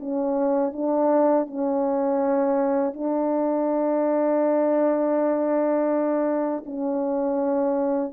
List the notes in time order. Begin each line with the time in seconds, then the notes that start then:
0.00 C#4
0.73 D4
1.47 C#4
2.94 D4
6.66 C#4